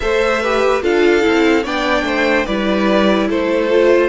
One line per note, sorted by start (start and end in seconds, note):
0.00 0.82 A3
0.00 0.42 A4
0.00 0.41 C5
0.00 0.82 E5
0.41 0.82 G4
0.41 0.82 B4
0.82 1.23 D4
0.82 1.21 F4
0.82 1.63 A4
0.82 1.65 F5
1.21 1.62 E4
1.28 1.65 C4
1.63 2.02 B3
1.63 2.47 D4
1.63 2.04 D5
1.63 2.46 G5
2.02 2.43 A3
2.02 2.46 C5
2.46 3.29 G3
2.46 3.69 E4
2.46 3.28 B4
2.46 3.28 D5
3.29 4.08 A3
3.29 4.08 A4
3.29 4.08 C5
3.69 4.08 F4